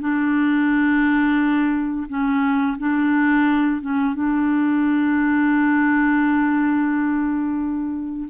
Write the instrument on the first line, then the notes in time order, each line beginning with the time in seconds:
clarinet
0.00 D4
2.08 C#4
2.78 D4
3.81 C#4
4.14 D4